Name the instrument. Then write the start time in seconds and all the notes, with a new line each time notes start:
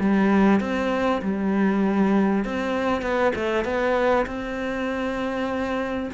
cello
0.00 G3
0.60 C4
1.22 G3
2.45 C4
3.02 B3
3.36 A3
3.65 B3
4.26 C4